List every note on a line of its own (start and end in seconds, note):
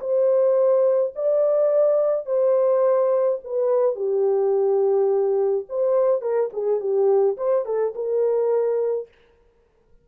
0.00 1.13 C5
1.16 2.26 D5
2.26 3.39 C5
3.44 3.95 B4
3.95 5.65 G4
5.69 6.21 C5
6.21 6.50 A#4
6.53 6.80 G#4
6.80 7.37 G4
7.37 7.65 C5
7.65 7.94 A4
7.95 9.08 A#4